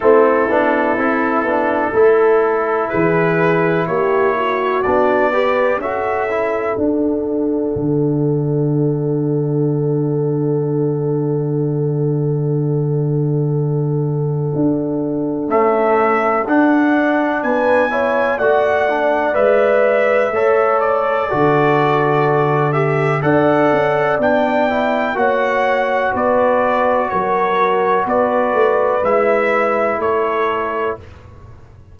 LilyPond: <<
  \new Staff \with { instrumentName = "trumpet" } { \time 4/4 \tempo 4 = 62 a'2. b'4 | cis''4 d''4 e''4 fis''4~ | fis''1~ | fis''1 |
e''4 fis''4 gis''4 fis''4 | e''4. d''2 e''8 | fis''4 g''4 fis''4 d''4 | cis''4 d''4 e''4 cis''4 | }
  \new Staff \with { instrumentName = "horn" } { \time 4/4 e'2 a'4 gis'4 | g'8 fis'4 b'8 a'2~ | a'1~ | a'1~ |
a'2 b'8 cis''8 d''4~ | d''4 cis''4 a'2 | d''2 cis''4 b'4 | ais'4 b'2 a'4 | }
  \new Staff \with { instrumentName = "trombone" } { \time 4/4 c'8 d'8 e'8 d'8 e'2~ | e'4 d'8 g'8 fis'8 e'8 d'4~ | d'1~ | d'1 |
a4 d'4. e'8 fis'8 d'8 | b'4 a'4 fis'4. g'8 | a'4 d'8 e'8 fis'2~ | fis'2 e'2 | }
  \new Staff \with { instrumentName = "tuba" } { \time 4/4 a8 b8 c'8 b8 a4 e4 | ais4 b4 cis'4 d'4 | d1~ | d2. d'4 |
cis'4 d'4 b4 a4 | gis4 a4 d2 | d'8 cis'8 b4 ais4 b4 | fis4 b8 a8 gis4 a4 | }
>>